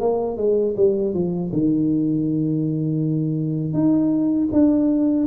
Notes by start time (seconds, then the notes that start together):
0.00 A#3
0.37 G#3
0.76 G3
1.14 F3
1.53 D#3
3.74 D#4
4.52 D4